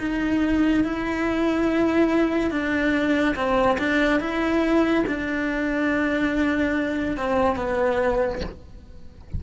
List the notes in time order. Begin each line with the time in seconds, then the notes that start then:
0.00 D#4
0.85 E4
2.51 D4
3.36 C4
3.79 D4
4.21 E4
5.07 D4
7.18 C4
7.57 B3